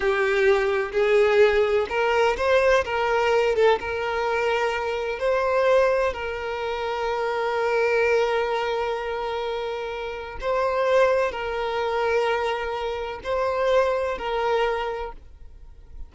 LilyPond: \new Staff \with { instrumentName = "violin" } { \time 4/4 \tempo 4 = 127 g'2 gis'2 | ais'4 c''4 ais'4. a'8 | ais'2. c''4~ | c''4 ais'2.~ |
ais'1~ | ais'2 c''2 | ais'1 | c''2 ais'2 | }